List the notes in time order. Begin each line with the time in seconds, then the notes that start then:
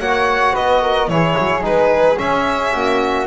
0.00 A#3 F#4 C#5 F#5
0.53 B3 B4 D#5
0.82 A#4
1.08 E3 E4 G#4 C#5
1.38 F#3
1.62 G#3 D#4 B4
2.18 C#4 E5
2.73 A#3 F#4